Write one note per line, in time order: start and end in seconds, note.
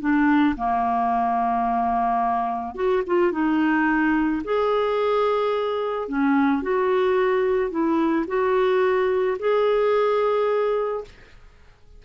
0.00 0.55 D4
0.56 2.74 A#3
2.74 3.02 F#4
3.06 3.32 F4
3.32 4.42 D#4
4.44 6.08 G#4
6.08 6.62 C#4
6.62 7.70 F#4
7.70 8.25 E4
8.27 9.37 F#4
9.39 11.04 G#4